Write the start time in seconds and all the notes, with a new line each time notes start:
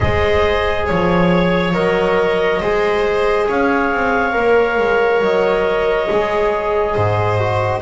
0.00 G#3 G#4 C5 D#5
0.86 F3 C#5
1.73 F#3 A#4 D#5
2.60 G#3 G#4 C5
3.49 C#4 C#5 F5
3.93 C4
4.32 A#3 A#4
4.78 G#3
5.20 F#3 D#5
6.10 G#3 G#4
6.94 G#2 C5
7.39 F#4